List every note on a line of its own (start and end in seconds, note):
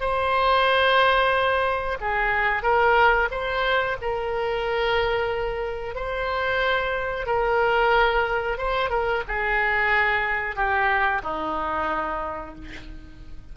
0.00 1.98 C5
2.00 2.63 G#4
2.63 3.28 A#4
3.31 3.97 C5
4.01 5.95 A#4
5.95 7.26 C5
7.26 8.58 A#4
8.58 8.90 C5
8.90 9.22 A#4
9.28 10.56 G#4
10.56 11.21 G4
11.23 12.55 D#4